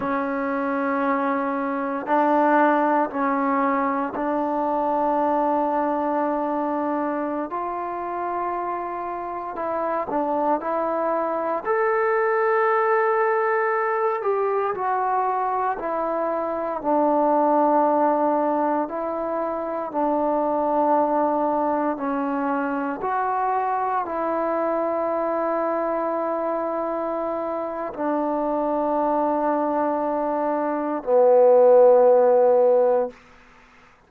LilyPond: \new Staff \with { instrumentName = "trombone" } { \time 4/4 \tempo 4 = 58 cis'2 d'4 cis'4 | d'2.~ d'16 f'8.~ | f'4~ f'16 e'8 d'8 e'4 a'8.~ | a'4.~ a'16 g'8 fis'4 e'8.~ |
e'16 d'2 e'4 d'8.~ | d'4~ d'16 cis'4 fis'4 e'8.~ | e'2. d'4~ | d'2 b2 | }